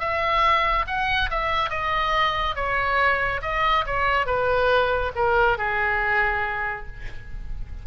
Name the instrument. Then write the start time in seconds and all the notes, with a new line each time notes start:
oboe
0.00 E5
0.87 F#5
1.30 E5
1.70 D#5
2.56 C#5
3.42 D#5
3.86 C#5
4.27 B4
5.16 A#4
5.58 G#4